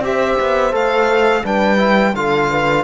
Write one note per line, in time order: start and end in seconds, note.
0.00 0.35 C4
0.00 0.71 G4
0.00 1.44 C5
0.00 0.75 E5
0.40 0.72 B3
0.71 1.43 A3
0.71 1.42 A4
0.71 1.45 F5
1.44 2.15 G3
1.44 1.77 D4
1.44 2.14 B4
1.44 2.15 G5
1.77 2.12 E4
2.15 2.84 D3
2.15 2.84 F4
2.15 2.50 A4
2.15 2.84 F5
2.50 2.84 B4